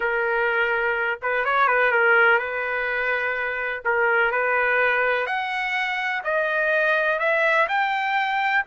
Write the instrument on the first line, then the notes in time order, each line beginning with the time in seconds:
trumpet
0.00 A#4
1.22 B4
1.44 C#5
1.67 B4
1.91 A#4
2.38 B4
3.84 A#4
4.31 B4
5.26 F#5
6.24 D#5
7.19 E5
7.68 G5